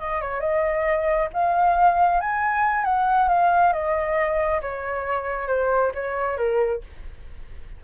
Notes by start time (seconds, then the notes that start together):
0.00 D#5
0.21 C#5
0.41 D#5
1.34 F5
2.21 G#5
2.85 F#5
3.29 F5
3.73 D#5
4.62 C#5
5.48 C5
5.95 C#5
6.37 A#4